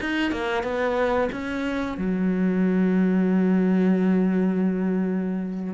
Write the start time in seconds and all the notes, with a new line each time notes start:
0.00 D#4
0.31 A#3
0.63 B3
1.32 C#4
1.97 F#3